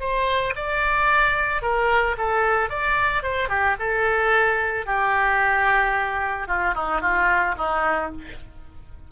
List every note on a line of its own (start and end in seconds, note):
0.00 0.54 C5
0.56 1.62 D5
1.62 2.16 A#4
2.18 2.70 A4
2.70 3.23 D5
3.23 3.49 C5
3.49 3.76 G4
3.79 4.86 A4
4.86 6.48 G4
6.48 6.75 F4
6.75 7.01 D#4
7.01 7.55 F4
7.58 8.12 D#4